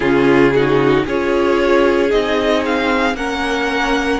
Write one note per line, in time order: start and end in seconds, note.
0.00 1.03 C#3
0.00 0.51 C#4
0.00 0.53 F4
0.00 1.03 G#4
0.54 1.08 D#4
0.54 1.05 F#4
1.05 2.12 C#4
1.05 2.09 F4
1.05 3.16 G#4
1.05 2.10 C#5
2.09 3.13 C4
2.09 3.14 D#4
2.09 2.63 D#5
2.65 3.16 F5
3.13 4.18 A#3
3.13 4.20 C#4
3.13 4.20 A#4
3.13 4.20 F#5